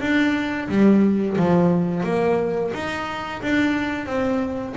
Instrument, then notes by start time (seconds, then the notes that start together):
double bass
0.00 D4
0.68 G3
1.37 F3
2.03 A#3
2.74 D#4
3.42 D4
4.06 C4